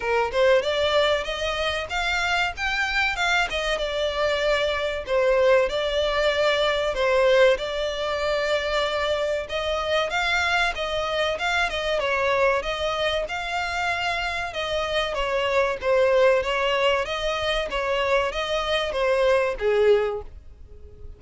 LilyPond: \new Staff \with { instrumentName = "violin" } { \time 4/4 \tempo 4 = 95 ais'8 c''8 d''4 dis''4 f''4 | g''4 f''8 dis''8 d''2 | c''4 d''2 c''4 | d''2. dis''4 |
f''4 dis''4 f''8 dis''8 cis''4 | dis''4 f''2 dis''4 | cis''4 c''4 cis''4 dis''4 | cis''4 dis''4 c''4 gis'4 | }